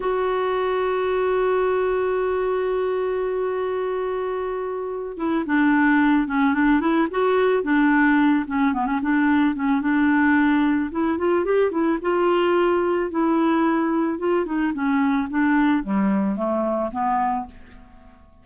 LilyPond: \new Staff \with { instrumentName = "clarinet" } { \time 4/4 \tempo 4 = 110 fis'1~ | fis'1~ | fis'4. e'8 d'4. cis'8 | d'8 e'8 fis'4 d'4. cis'8 |
b16 cis'16 d'4 cis'8 d'2 | e'8 f'8 g'8 e'8 f'2 | e'2 f'8 dis'8 cis'4 | d'4 g4 a4 b4 | }